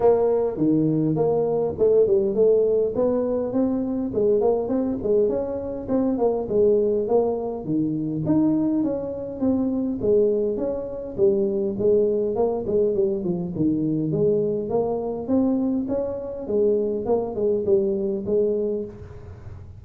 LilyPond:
\new Staff \with { instrumentName = "tuba" } { \time 4/4 \tempo 4 = 102 ais4 dis4 ais4 a8 g8 | a4 b4 c'4 gis8 ais8 | c'8 gis8 cis'4 c'8 ais8 gis4 | ais4 dis4 dis'4 cis'4 |
c'4 gis4 cis'4 g4 | gis4 ais8 gis8 g8 f8 dis4 | gis4 ais4 c'4 cis'4 | gis4 ais8 gis8 g4 gis4 | }